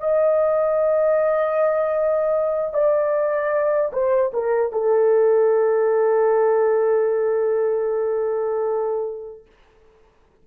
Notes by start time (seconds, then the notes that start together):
0.00 D#5
2.74 D5
3.93 C5
4.33 A#4
4.72 A4